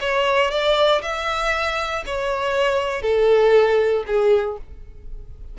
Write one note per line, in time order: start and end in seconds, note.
0.00 0.50 C#5
0.50 1.01 D5
1.02 2.03 E5
2.05 3.02 C#5
3.02 4.04 A4
4.06 4.57 G#4